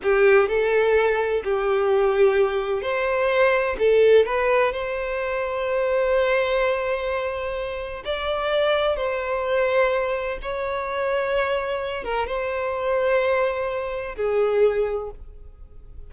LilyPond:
\new Staff \with { instrumentName = "violin" } { \time 4/4 \tempo 4 = 127 g'4 a'2 g'4~ | g'2 c''2 | a'4 b'4 c''2~ | c''1~ |
c''4 d''2 c''4~ | c''2 cis''2~ | cis''4. ais'8 c''2~ | c''2 gis'2 | }